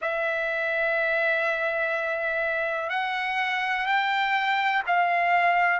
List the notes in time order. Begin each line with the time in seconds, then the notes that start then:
0.01 E5
2.89 F#5
3.85 G5
4.87 F5